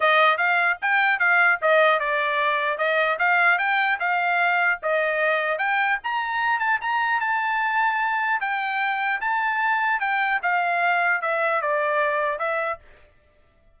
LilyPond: \new Staff \with { instrumentName = "trumpet" } { \time 4/4 \tempo 4 = 150 dis''4 f''4 g''4 f''4 | dis''4 d''2 dis''4 | f''4 g''4 f''2 | dis''2 g''4 ais''4~ |
ais''8 a''8 ais''4 a''2~ | a''4 g''2 a''4~ | a''4 g''4 f''2 | e''4 d''2 e''4 | }